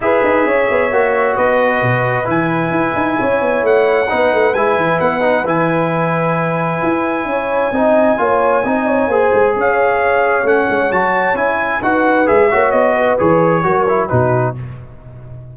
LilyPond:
<<
  \new Staff \with { instrumentName = "trumpet" } { \time 4/4 \tempo 4 = 132 e''2. dis''4~ | dis''4 gis''2. | fis''2 gis''4 fis''4 | gis''1~ |
gis''1~ | gis''4 f''2 fis''4 | a''4 gis''4 fis''4 e''4 | dis''4 cis''2 b'4 | }
  \new Staff \with { instrumentName = "horn" } { \time 4/4 b'4 cis''2 b'4~ | b'2. cis''4~ | cis''4 b'2.~ | b'1 |
cis''4 dis''4 cis''4 dis''8 cis''8 | c''4 cis''2.~ | cis''2 b'4. cis''8~ | cis''8 b'4. ais'4 fis'4 | }
  \new Staff \with { instrumentName = "trombone" } { \time 4/4 gis'2 fis'2~ | fis'4 e'2.~ | e'4 dis'4 e'4. dis'8 | e'1~ |
e'4 dis'4 f'4 dis'4 | gis'2. cis'4 | fis'4 e'4 fis'4 gis'8 fis'8~ | fis'4 gis'4 fis'8 e'8 dis'4 | }
  \new Staff \with { instrumentName = "tuba" } { \time 4/4 e'8 dis'8 cis'8 b8 ais4 b4 | b,4 e4 e'8 dis'8 cis'8 b8 | a4 b8 a8 gis8 e8 b4 | e2. e'4 |
cis'4 c'4 ais4 c'4 | ais8 gis8 cis'2 a8 gis8 | fis4 cis'4 dis'4 gis8 ais8 | b4 e4 fis4 b,4 | }
>>